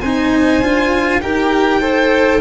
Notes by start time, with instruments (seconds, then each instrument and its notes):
0.00 tuba C4, cello D#4, violin C5 G#5
0.61 tuba D4, cello F4
1.21 tuba D#4, cello G4, violin A#4 G5
1.80 cello A4, violin C5